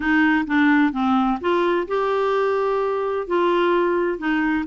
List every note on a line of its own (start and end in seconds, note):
0.00 0.45 D#4
0.46 0.92 D4
0.92 1.38 C4
1.40 1.87 F4
1.87 3.27 G4
3.27 4.18 F4
4.18 4.64 D#4